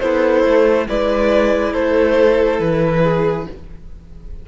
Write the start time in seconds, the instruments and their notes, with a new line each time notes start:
0.00 cello B3, violin E4 C5, viola A4
0.44 cello A3
0.88 cello G#3, viola E4, violin B4 D5
1.73 cello A3, violin A4 C5
2.60 cello E3, violin B4
3.03 violin G#4